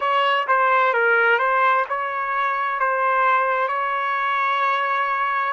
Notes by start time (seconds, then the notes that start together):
0.00 C#5
0.47 C5
0.93 A#4
1.38 C5
1.88 C#5
2.79 C5
3.68 C#5